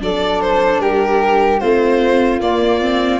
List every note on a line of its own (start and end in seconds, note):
0.00 0.80 F#3
0.00 1.60 D4
0.00 0.81 A4
0.00 0.41 D5
0.41 0.80 C5
0.80 1.60 G3
0.80 1.61 G4
0.80 1.59 A#4
1.59 2.40 A3
1.59 2.41 C4
1.59 3.20 F4
1.59 2.39 C5
2.40 3.20 A#3
2.40 2.80 A#3
2.40 3.20 D5
2.80 3.20 C4